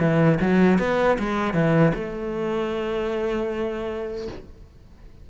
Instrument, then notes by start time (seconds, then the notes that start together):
cello
0.00 E3
0.41 F#3
0.79 B3
1.19 G#3
1.54 E3
1.94 A3